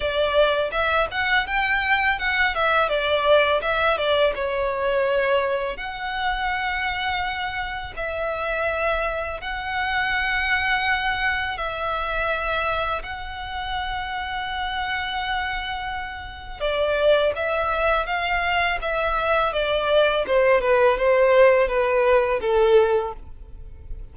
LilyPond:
\new Staff \with { instrumentName = "violin" } { \time 4/4 \tempo 4 = 83 d''4 e''8 fis''8 g''4 fis''8 e''8 | d''4 e''8 d''8 cis''2 | fis''2. e''4~ | e''4 fis''2. |
e''2 fis''2~ | fis''2. d''4 | e''4 f''4 e''4 d''4 | c''8 b'8 c''4 b'4 a'4 | }